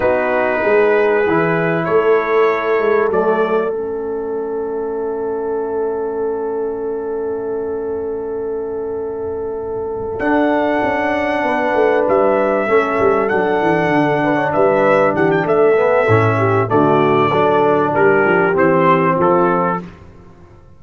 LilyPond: <<
  \new Staff \with { instrumentName = "trumpet" } { \time 4/4 \tempo 4 = 97 b'2. cis''4~ | cis''4 d''4 e''2~ | e''1~ | e''1~ |
e''8 fis''2. e''8~ | e''4. fis''2 e''8~ | e''8 fis''16 g''16 e''2 d''4~ | d''4 ais'4 c''4 a'4 | }
  \new Staff \with { instrumentName = "horn" } { \time 4/4 fis'4 gis'2 a'4~ | a'1~ | a'1~ | a'1~ |
a'2~ a'8 b'4.~ | b'8 a'2~ a'8 b'16 cis''16 b'8~ | b'8 g'8 a'4. g'8 fis'4 | a'4 g'2 f'4 | }
  \new Staff \with { instrumentName = "trombone" } { \time 4/4 dis'2 e'2~ | e'4 a4 cis'2~ | cis'1~ | cis'1~ |
cis'8 d'2.~ d'8~ | d'8 cis'4 d'2~ d'8~ | d'4. b8 cis'4 a4 | d'2 c'2 | }
  \new Staff \with { instrumentName = "tuba" } { \time 4/4 b4 gis4 e4 a4~ | a8 gis8 fis4 a2~ | a1~ | a1~ |
a8 d'4 cis'4 b8 a8 g8~ | g8 a8 g8 fis8 e8 d4 g8~ | g8 e8 a4 a,4 d4 | fis4 g8 f8 e4 f4 | }
>>